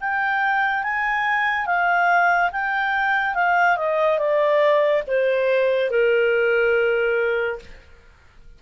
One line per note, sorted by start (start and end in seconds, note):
0.00 0.83 G5
0.83 1.66 G#5
1.66 2.50 F5
2.52 3.34 G5
3.34 3.76 F5
3.76 4.18 D#5
4.18 5.02 D5
5.07 5.90 C5
5.90 7.59 A#4